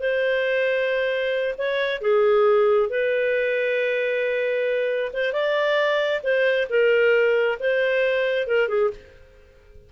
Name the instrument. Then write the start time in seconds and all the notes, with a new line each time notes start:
clarinet
0.00 C5
1.58 C#5
2.02 G#4
2.90 B4
5.13 C5
5.33 D5
6.23 C5
6.70 A#4
7.60 C5
8.47 A#4
8.68 G#4